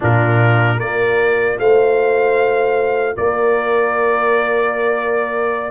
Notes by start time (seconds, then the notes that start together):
0.00 A#2 D4 F4 A#4
0.76 A#3 F4 A#4 D5
1.58 A3 C5 F5
3.16 A#3 A#4 D5